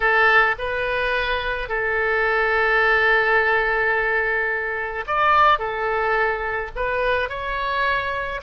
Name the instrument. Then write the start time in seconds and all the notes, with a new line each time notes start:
oboe
0.00 A4
0.58 B4
1.68 A4
5.06 D5
5.58 A4
6.75 B4
7.29 C#5